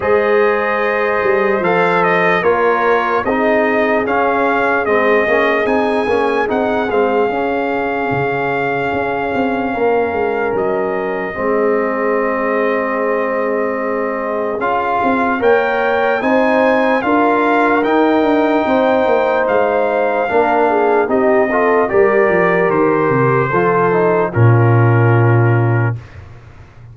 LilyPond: <<
  \new Staff \with { instrumentName = "trumpet" } { \time 4/4 \tempo 4 = 74 dis''2 f''8 dis''8 cis''4 | dis''4 f''4 dis''4 gis''4 | fis''8 f''2.~ f''8~ | f''4 dis''2.~ |
dis''2 f''4 g''4 | gis''4 f''4 g''2 | f''2 dis''4 d''4 | c''2 ais'2 | }
  \new Staff \with { instrumentName = "horn" } { \time 4/4 c''2. ais'4 | gis'1~ | gis'1 | ais'2 gis'2~ |
gis'2. cis''4 | c''4 ais'2 c''4~ | c''4 ais'8 gis'8 g'8 a'8 ais'4~ | ais'4 a'4 f'2 | }
  \new Staff \with { instrumentName = "trombone" } { \time 4/4 gis'2 a'4 f'4 | dis'4 cis'4 c'8 cis'8 dis'8 cis'8 | dis'8 c'8 cis'2.~ | cis'2 c'2~ |
c'2 f'4 ais'4 | dis'4 f'4 dis'2~ | dis'4 d'4 dis'8 f'8 g'4~ | g'4 f'8 dis'8 cis'2 | }
  \new Staff \with { instrumentName = "tuba" } { \time 4/4 gis4. g8 f4 ais4 | c'4 cis'4 gis8 ais8 c'8 ais8 | c'8 gis8 cis'4 cis4 cis'8 c'8 | ais8 gis8 fis4 gis2~ |
gis2 cis'8 c'8 ais4 | c'4 d'4 dis'8 d'8 c'8 ais8 | gis4 ais4 c'4 g8 f8 | dis8 c8 f4 ais,2 | }
>>